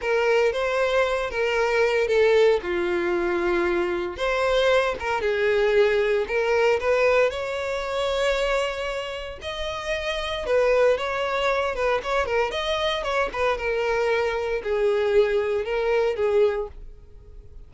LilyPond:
\new Staff \with { instrumentName = "violin" } { \time 4/4 \tempo 4 = 115 ais'4 c''4. ais'4. | a'4 f'2. | c''4. ais'8 gis'2 | ais'4 b'4 cis''2~ |
cis''2 dis''2 | b'4 cis''4. b'8 cis''8 ais'8 | dis''4 cis''8 b'8 ais'2 | gis'2 ais'4 gis'4 | }